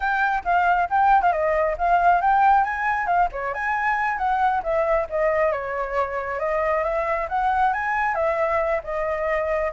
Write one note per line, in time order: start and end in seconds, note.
0.00 0.43 G5
0.44 0.88 F5
0.90 1.22 G5
1.22 1.32 F5
1.32 1.76 D#5
1.78 2.21 F5
2.21 2.64 G5
2.64 3.06 G#5
3.06 3.28 F5
3.32 3.53 C#5
3.53 4.18 G#5
4.18 4.62 F#5
4.63 5.07 E5
5.09 5.51 D#5
5.51 6.39 C#5
6.39 6.83 D#5
6.83 7.27 E5
7.29 7.73 F#5
7.73 8.15 G#5
8.15 8.81 E5
8.83 9.72 D#5